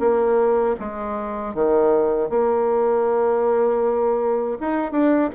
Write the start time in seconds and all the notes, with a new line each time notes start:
0.00 A#3
0.80 G#3
1.55 D#3
2.30 A#3
4.61 D#4
4.92 D4